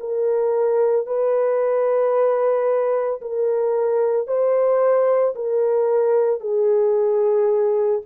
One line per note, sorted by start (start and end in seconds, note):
0.00 1.06 A#4
1.06 3.20 B4
3.21 4.27 A#4
4.27 5.34 C5
5.35 6.40 A#4
6.40 8.01 G#4